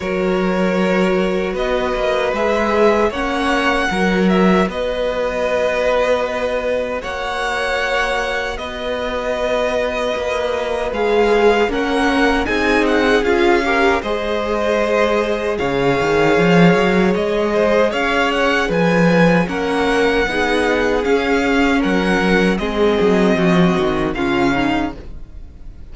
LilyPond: <<
  \new Staff \with { instrumentName = "violin" } { \time 4/4 \tempo 4 = 77 cis''2 dis''4 e''4 | fis''4. e''8 dis''2~ | dis''4 fis''2 dis''4~ | dis''2 f''4 fis''4 |
gis''8 fis''8 f''4 dis''2 | f''2 dis''4 f''8 fis''8 | gis''4 fis''2 f''4 | fis''4 dis''2 f''4 | }
  \new Staff \with { instrumentName = "violin" } { \time 4/4 ais'2 b'2 | cis''4 ais'4 b'2~ | b'4 cis''2 b'4~ | b'2. ais'4 |
gis'4. ais'8 c''2 | cis''2~ cis''8 c''8 cis''4 | b'4 ais'4 gis'2 | ais'4 gis'4 fis'4 f'8 dis'8 | }
  \new Staff \with { instrumentName = "viola" } { \time 4/4 fis'2. gis'4 | cis'4 fis'2.~ | fis'1~ | fis'2 gis'4 cis'4 |
dis'4 f'8 g'8 gis'2~ | gis'1~ | gis'4 cis'4 dis'4 cis'4~ | cis'4 c'2 cis'4 | }
  \new Staff \with { instrumentName = "cello" } { \time 4/4 fis2 b8 ais8 gis4 | ais4 fis4 b2~ | b4 ais2 b4~ | b4 ais4 gis4 ais4 |
c'4 cis'4 gis2 | cis8 dis8 f8 fis8 gis4 cis'4 | f4 ais4 b4 cis'4 | fis4 gis8 fis8 f8 dis8 cis4 | }
>>